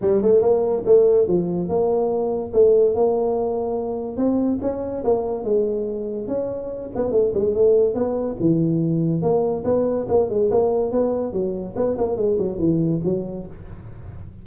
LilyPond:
\new Staff \with { instrumentName = "tuba" } { \time 4/4 \tempo 4 = 143 g8 a8 ais4 a4 f4 | ais2 a4 ais4~ | ais2 c'4 cis'4 | ais4 gis2 cis'4~ |
cis'8 b8 a8 gis8 a4 b4 | e2 ais4 b4 | ais8 gis8 ais4 b4 fis4 | b8 ais8 gis8 fis8 e4 fis4 | }